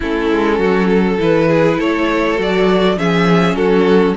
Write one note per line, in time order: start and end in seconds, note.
0.00 0.31 A3
0.00 1.18 C#4
0.00 0.58 E4
0.00 1.20 A4
0.31 0.58 G#3
0.58 1.18 F#3
0.58 0.88 F#4
0.89 1.48 A4
1.18 1.79 E3
1.18 2.37 E4
1.18 1.80 B4
1.48 1.77 G#4
1.77 2.38 A3
1.77 2.96 A4
1.77 2.39 C#5
2.37 2.96 F#3
2.37 2.96 F#4
2.37 2.98 D5
2.96 3.54 F3
2.96 4.15 C#4
2.96 3.57 G#4
2.96 3.55 E5
3.54 4.13 F#3
3.54 4.16 F#4
3.54 4.15 A4